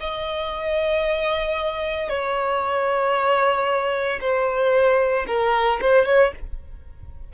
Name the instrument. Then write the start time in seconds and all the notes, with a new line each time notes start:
violin
0.00 D#5
2.09 C#5
4.20 C5
5.27 A#4
5.81 C5
6.05 C#5